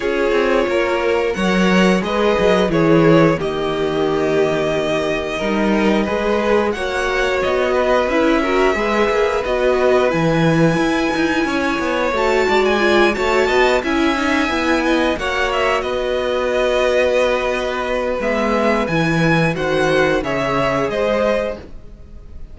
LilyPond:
<<
  \new Staff \with { instrumentName = "violin" } { \time 4/4 \tempo 4 = 89 cis''2 fis''4 dis''4 | cis''4 dis''2.~ | dis''2 fis''4 dis''4 | e''2 dis''4 gis''4~ |
gis''2 a''8. gis''8. a''8~ | a''8 gis''2 fis''8 e''8 dis''8~ | dis''2. e''4 | gis''4 fis''4 e''4 dis''4 | }
  \new Staff \with { instrumentName = "violin" } { \time 4/4 gis'4 ais'4 cis''4 b'4 | gis'4 g'2. | ais'4 b'4 cis''4. b'8~ | b'8 ais'8 b'2.~ |
b'4 cis''4. d''4 cis''8 | dis''8 e''4. dis''8 cis''4 b'8~ | b'1~ | b'4 c''4 cis''4 c''4 | }
  \new Staff \with { instrumentName = "viola" } { \time 4/4 f'2 ais'4 gis'4 | e'4 ais2. | dis'4 gis'4 fis'2 | e'8 fis'8 gis'4 fis'4 e'4~ |
e'2 fis'4 f'8 fis'8~ | fis'8 e'8 dis'8 e'4 fis'4.~ | fis'2. b4 | e'4 fis'4 gis'2 | }
  \new Staff \with { instrumentName = "cello" } { \time 4/4 cis'8 c'8 ais4 fis4 gis8 fis8 | e4 dis2. | g4 gis4 ais4 b4 | cis'4 gis8 ais8 b4 e4 |
e'8 dis'8 cis'8 b8 a8 gis4 a8 | b8 cis'4 b4 ais4 b8~ | b2. gis4 | e4 dis4 cis4 gis4 | }
>>